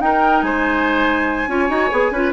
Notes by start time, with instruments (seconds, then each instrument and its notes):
0.00 bassoon D#4, clarinet D#4, oboe A#4, flute G5
0.42 bassoon G#3, oboe C5, flute G#5
1.48 bassoon C#4, clarinet F4, oboe C#5
1.69 bassoon D#4, clarinet F#4
1.91 bassoon B3, clarinet G#4
2.11 bassoon C#4, clarinet F4, oboe B4